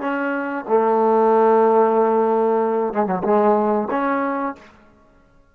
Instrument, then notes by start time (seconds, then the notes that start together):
trombone
0.00 C#4
0.68 A3
2.93 G#3
3.06 F#3
3.23 G#3
3.90 C#4